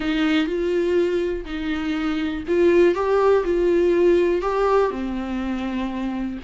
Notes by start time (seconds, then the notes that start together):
0.00 D#4
0.46 F4
1.45 D#4
2.47 F4
2.95 G4
3.44 F4
4.41 G4
4.90 C4